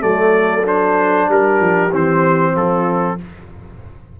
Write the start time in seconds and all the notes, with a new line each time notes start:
0.00 F#3 A3 A4 D5
0.64 D4 C5
1.29 G3 G4 A#4
1.60 F3
1.92 E3 C4 C5
2.53 F3 F4 A4